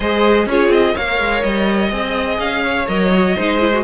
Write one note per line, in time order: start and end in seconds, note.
0.00 0.46 G#3
0.00 0.49 G#4
0.00 0.47 C5
0.00 0.48 D#5
0.46 0.68 C#4
0.46 0.96 F4
0.46 0.94 G#4
0.46 0.72 C#5
0.68 0.92 C4
0.68 0.96 D#5
0.94 1.19 A#3
0.94 1.91 A#4
0.94 1.89 C#5
0.94 1.42 F5
1.19 1.43 G#3
1.42 1.91 G3
1.42 2.38 D#5
1.89 2.39 C4
1.89 2.86 G#4
1.89 2.61 D#5
2.39 2.87 C#4
2.39 2.87 F5
2.64 3.35 C#5
2.86 3.35 F#3
2.86 3.10 A#4
2.86 3.83 D#5
3.13 3.37 F#4
3.35 3.83 G#3
3.35 3.60 D#4
3.35 3.83 C5
3.60 3.71 E4
3.72 3.83 F#4